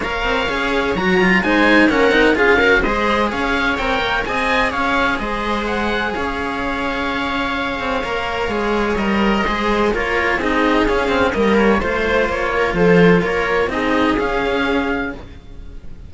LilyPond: <<
  \new Staff \with { instrumentName = "oboe" } { \time 4/4 \tempo 4 = 127 f''2 ais''4 gis''4 | fis''4 f''4 dis''4 f''4 | g''4 gis''4 f''4 dis''4 | fis''4 f''2.~ |
f''2. dis''4~ | dis''4 cis''4 dis''4 f''4 | dis''8 cis''8 c''4 cis''4 c''4 | cis''4 dis''4 f''2 | }
  \new Staff \with { instrumentName = "viola" } { \time 4/4 cis''2. c''4 | ais'4 gis'8 ais'8 c''4 cis''4~ | cis''4 dis''4 cis''4 c''4~ | c''4 cis''2.~ |
cis''1 | c''4 ais'4 gis'2 | ais'4 c''4. ais'8 a'4 | ais'4 gis'2. | }
  \new Staff \with { instrumentName = "cello" } { \time 4/4 ais'4 gis'4 fis'8 f'8 dis'4 | cis'8 dis'8 f'8 fis'8 gis'2 | ais'4 gis'2.~ | gis'1~ |
gis'4 ais'4 gis'4 ais'4 | gis'4 f'4 dis'4 cis'8 c'8 | ais4 f'2.~ | f'4 dis'4 cis'2 | }
  \new Staff \with { instrumentName = "cello" } { \time 4/4 ais8 c'8 cis'4 fis4 gis4 | ais8 c'8 cis'4 gis4 cis'4 | c'8 ais8 c'4 cis'4 gis4~ | gis4 cis'2.~ |
cis'8 c'8 ais4 gis4 g4 | gis4 ais4 c'4 cis'4 | g4 a4 ais4 f4 | ais4 c'4 cis'2 | }
>>